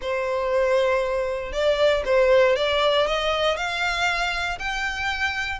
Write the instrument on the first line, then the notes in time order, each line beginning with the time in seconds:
violin
0.01 C5
1.52 D5
2.05 C5
2.56 D5
3.06 D#5
3.56 F5
4.58 G5